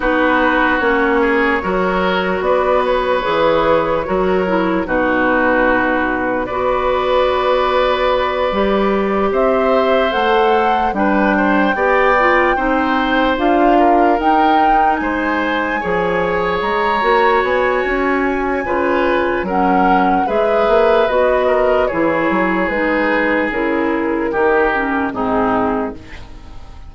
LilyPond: <<
  \new Staff \with { instrumentName = "flute" } { \time 4/4 \tempo 4 = 74 b'4 cis''2 d''8 cis''8~ | cis''2 b'2 | d''2.~ d''8 e''8~ | e''8 fis''4 g''2~ g''8~ |
g''8 f''4 g''4 gis''4.~ | gis''8 ais''4 gis''2~ gis''8 | fis''4 e''4 dis''4 cis''4 | b'4 ais'2 gis'4 | }
  \new Staff \with { instrumentName = "oboe" } { \time 4/4 fis'4. gis'8 ais'4 b'4~ | b'4 ais'4 fis'2 | b'2.~ b'8 c''8~ | c''4. b'8 c''8 d''4 c''8~ |
c''4 ais'4. c''4 cis''8~ | cis''2. b'4 | ais'4 b'4. ais'8 gis'4~ | gis'2 g'4 dis'4 | }
  \new Staff \with { instrumentName = "clarinet" } { \time 4/4 dis'4 cis'4 fis'2 | gis'4 fis'8 e'8 dis'2 | fis'2~ fis'8 g'4.~ | g'8 a'4 d'4 g'8 f'8 dis'8~ |
dis'8 f'4 dis'2 gis'8~ | gis'4 fis'2 f'4 | cis'4 gis'4 fis'4 e'4 | dis'4 e'4 dis'8 cis'8 c'4 | }
  \new Staff \with { instrumentName = "bassoon" } { \time 4/4 b4 ais4 fis4 b4 | e4 fis4 b,2 | b2~ b8 g4 c'8~ | c'8 a4 g4 b4 c'8~ |
c'8 d'4 dis'4 gis4 f8~ | f8 gis8 ais8 b8 cis'4 cis4 | fis4 gis8 ais8 b4 e8 fis8 | gis4 cis4 dis4 gis,4 | }
>>